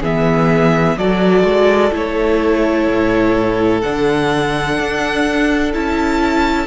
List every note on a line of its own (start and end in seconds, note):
0.00 0.96 E3
0.00 0.98 B3
0.00 0.95 G#4
0.00 0.97 E5
0.96 1.43 F#3
0.96 1.91 F#4
0.96 6.67 A4
0.96 1.92 D5
1.43 1.91 G#3
1.91 2.87 A3
1.91 3.82 E4
1.91 3.81 C#5
2.87 3.82 A2
3.81 4.79 D3
3.81 5.72 D4
3.81 5.71 F#5
4.79 5.74 D4
5.72 6.67 C#4
5.72 6.67 E4
5.72 6.67 A5